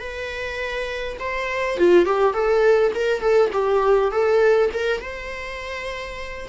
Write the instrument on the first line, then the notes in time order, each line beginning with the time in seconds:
viola
0.00 B4
1.20 C5
1.78 F4
2.06 G4
2.34 A4
2.95 A#4
3.21 A4
3.53 G4
4.11 A4
4.74 A#4
5.02 C5